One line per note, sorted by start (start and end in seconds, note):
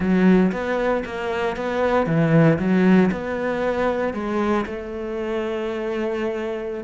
0.00 0.51 F#3
0.51 1.03 B3
1.05 1.56 A#3
1.56 2.06 B3
2.06 2.58 E3
2.58 3.10 F#3
3.11 4.13 B3
4.13 4.65 G#3
4.66 6.84 A3